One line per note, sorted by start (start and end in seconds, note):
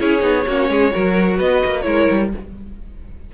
0.00 0.22 C#4
0.00 0.20 E4
0.00 0.47 G#4
0.00 1.38 C#5
0.20 0.46 B3
0.20 0.43 D#4
0.47 0.69 A#3
0.47 0.91 C#4
0.47 0.70 F#4
0.69 0.92 G#3
0.69 0.93 G#4
0.91 1.40 F#3
0.91 1.83 F#4
0.91 1.38 A#4
1.38 1.63 B3
1.38 1.84 B4
1.38 1.82 D#5
1.65 1.86 A#3
1.82 2.09 G#3
1.82 2.30 E4
1.82 2.32 A#4
1.82 2.28 C#5
2.11 2.34 G3